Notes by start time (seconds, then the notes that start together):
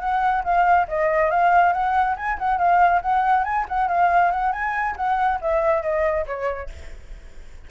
0.00 F#5
0.44 F5
0.88 D#5
1.30 F5
1.73 F#5
2.16 G#5
2.38 F#5
2.58 F5
3.02 F#5
3.44 G#5
3.68 F#5
3.88 F5
4.31 F#5
4.52 G#5
4.96 F#5
5.41 E5
5.82 D#5
6.26 C#5